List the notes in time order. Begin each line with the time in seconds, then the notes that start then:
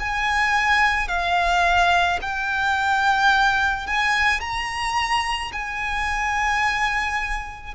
0.00 G#5
1.08 F5
2.22 G5
3.87 G#5
4.40 A#5
5.53 G#5